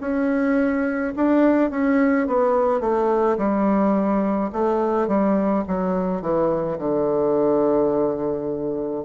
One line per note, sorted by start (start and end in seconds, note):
0.00 1.13 C#4
1.16 1.70 D4
1.70 2.27 C#4
2.27 2.80 B3
2.80 3.37 A3
3.38 4.51 G3
4.52 5.07 A3
5.07 5.64 G3
5.67 6.21 F#3
6.21 6.78 E3
6.78 9.04 D3